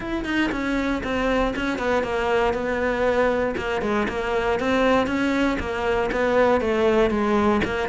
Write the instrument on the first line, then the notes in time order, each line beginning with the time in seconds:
cello
0.00 E4
0.24 D#4
0.51 C#4
1.03 C4
1.55 C#4
1.78 B3
2.03 A#3
2.53 B3
3.57 A#3
3.81 G#3
4.08 A#3
4.59 C4
5.06 C#4
5.59 A#3
6.11 B3
6.60 A3
7.10 G#3
7.64 A#3